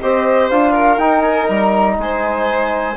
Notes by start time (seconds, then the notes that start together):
0.00 C4 G4 C5 D#5
0.50 D4 F4 F5
0.73 A#4
0.98 D#4 G5
1.22 G#5
1.49 G3 A#5
1.98 G#3 C5 G#5